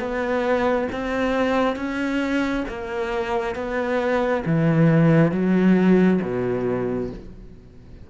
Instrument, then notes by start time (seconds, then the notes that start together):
cello
0.00 B3
0.92 C4
1.76 C#4
2.69 A#3
3.55 B3
4.46 E3
5.32 F#3
6.22 B2